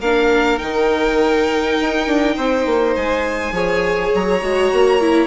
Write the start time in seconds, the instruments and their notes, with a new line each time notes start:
0.00 bassoon A#3, viola D4, violin A#4 F5
0.59 bassoon D#3, viola D#4, violin G5
1.81 bassoon D#4
2.07 bassoon D4
2.36 bassoon C4, violin C5
2.66 bassoon A#3
2.96 bassoon G#3, violin G#5
3.52 bassoon F3, viola G#4, violin C#5
4.15 bassoon F#3, violin A#5
4.42 bassoon G#3, viola F#4
4.73 bassoon A#3
5.01 viola E4